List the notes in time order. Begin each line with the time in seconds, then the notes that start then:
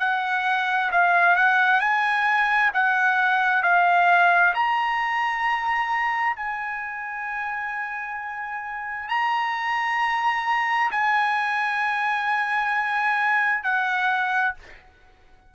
0.00 F#5
0.92 F5
1.36 F#5
1.81 G#5
2.74 F#5
3.63 F5
4.55 A#5
6.36 G#5
9.09 A#5
10.91 G#5
13.64 F#5